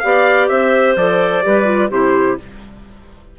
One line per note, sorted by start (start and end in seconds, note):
0.00 0.50 B3
0.00 0.98 G4
0.00 0.50 D5
0.00 0.47 F5
0.49 0.96 C4
0.49 1.44 C5
0.49 0.96 E5
0.96 1.44 F3
0.96 1.43 A4
0.96 1.92 D5
1.43 1.91 G3
1.43 1.65 G4
1.43 1.91 B4
1.65 1.88 F4
1.91 2.38 C3
1.91 2.39 E4
1.91 2.38 G4
1.91 2.39 C5